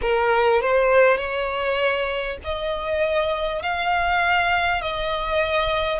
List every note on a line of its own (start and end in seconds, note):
0.01 0.61 A#4
0.61 1.17 C5
1.17 2.37 C#5
2.43 3.62 D#5
3.62 4.81 F5
4.81 5.99 D#5